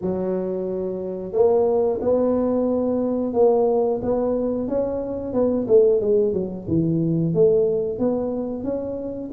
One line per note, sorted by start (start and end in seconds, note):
0.01 1.32 F#3
1.32 1.99 A#3
2.01 3.33 B3
3.33 3.99 A#3
4.02 4.68 B3
4.68 5.33 C#4
5.33 5.66 B3
5.67 6.01 A3
6.01 6.33 G#3
6.33 6.66 F#3
6.67 7.34 E3
7.34 7.98 A3
7.98 8.63 B3
8.63 9.30 C#4